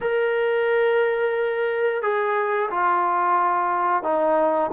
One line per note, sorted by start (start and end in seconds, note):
0.00 2.02 A#4
2.02 2.69 G#4
2.70 4.03 F4
4.03 4.70 D#4